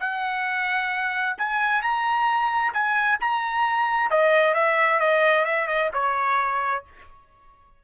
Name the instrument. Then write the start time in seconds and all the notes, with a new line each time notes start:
trumpet
0.00 F#5
1.38 G#5
1.82 A#5
2.73 G#5
3.20 A#5
4.11 D#5
4.55 E5
5.00 D#5
5.45 E5
5.68 D#5
5.93 C#5